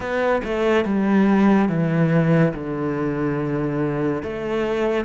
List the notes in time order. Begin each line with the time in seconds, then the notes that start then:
0.00 B3
0.44 A3
0.85 G3
1.69 E3
2.54 D3
4.23 A3